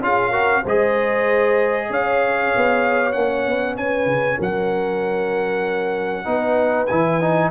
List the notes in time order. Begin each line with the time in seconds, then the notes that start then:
0.00 C#4 F4 G#4 F5
0.30 F#4 A#4
0.62 G#3 G#4 C5 D#5
1.90 C#4 C#5 F5
2.56 B3
3.12 A#3 C#4 F#5
3.46 B3
3.76 C#4 B4 G#5
4.06 C#3
4.37 F#3 A#4 F#5
6.24 B3 D#4 B4
6.86 E3 E4 G#5
7.21 D#4